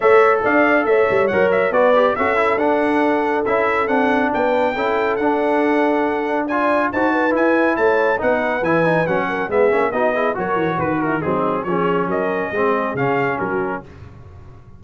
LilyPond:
<<
  \new Staff \with { instrumentName = "trumpet" } { \time 4/4 \tempo 4 = 139 e''4 f''4 e''4 fis''8 e''8 | d''4 e''4 fis''2 | e''4 fis''4 g''2 | fis''2. gis''4 |
a''4 gis''4 a''4 fis''4 | gis''4 fis''4 e''4 dis''4 | cis''4 b'8 ais'8 gis'4 cis''4 | dis''2 f''4 ais'4 | }
  \new Staff \with { instrumentName = "horn" } { \time 4/4 cis''4 d''4 cis''2 | b'4 a'2.~ | a'2 b'4 a'4~ | a'2. d''4 |
c''8 b'4. cis''4 b'4~ | b'4. ais'8 gis'4 fis'8 gis'8 | ais'4 b'8 e'8 dis'4 gis'4 | ais'4 gis'2 fis'4 | }
  \new Staff \with { instrumentName = "trombone" } { \time 4/4 a'2. ais'4 | fis'8 g'8 fis'8 e'8 d'2 | e'4 d'2 e'4 | d'2. f'4 |
fis'4 e'2 dis'4 | e'8 dis'8 cis'4 b8 cis'8 dis'8 e'8 | fis'2 c'4 cis'4~ | cis'4 c'4 cis'2 | }
  \new Staff \with { instrumentName = "tuba" } { \time 4/4 a4 d'4 a8 g8 fis4 | b4 cis'4 d'2 | cis'4 c'4 b4 cis'4 | d'1 |
dis'4 e'4 a4 b4 | e4 fis4 gis8 ais8 b4 | fis8 e8 dis4 fis4 f4 | fis4 gis4 cis4 fis4 | }
>>